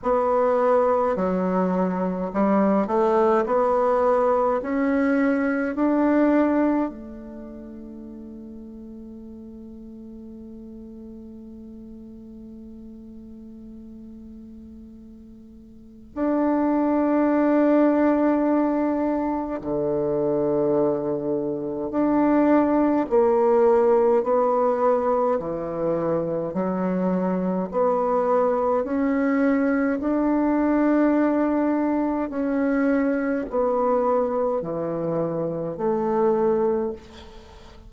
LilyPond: \new Staff \with { instrumentName = "bassoon" } { \time 4/4 \tempo 4 = 52 b4 fis4 g8 a8 b4 | cis'4 d'4 a2~ | a1~ | a2 d'2~ |
d'4 d2 d'4 | ais4 b4 e4 fis4 | b4 cis'4 d'2 | cis'4 b4 e4 a4 | }